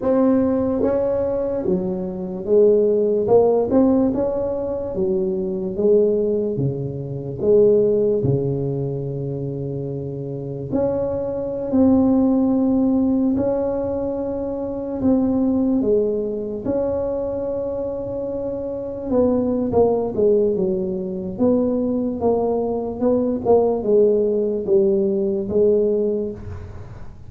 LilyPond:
\new Staff \with { instrumentName = "tuba" } { \time 4/4 \tempo 4 = 73 c'4 cis'4 fis4 gis4 | ais8 c'8 cis'4 fis4 gis4 | cis4 gis4 cis2~ | cis4 cis'4~ cis'16 c'4.~ c'16~ |
c'16 cis'2 c'4 gis8.~ | gis16 cis'2. b8. | ais8 gis8 fis4 b4 ais4 | b8 ais8 gis4 g4 gis4 | }